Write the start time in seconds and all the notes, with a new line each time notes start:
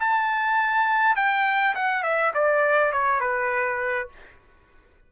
0.00 A5
1.16 G5
1.75 F#5
2.03 E5
2.34 D5
2.93 C#5
3.20 B4